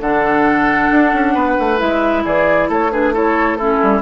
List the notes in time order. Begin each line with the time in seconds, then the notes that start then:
0.00 D3 D4 A4 F#5
0.90 D4
1.13 C#4
1.33 B3 B4
1.58 A3
1.78 G#3 E4 E5
2.24 E3 G#4 D5
2.68 A3 A4 C#5
2.91 D4 G#4 B4
3.13 E4 A4 C#5
3.56 C#4 E4 A4
3.82 G3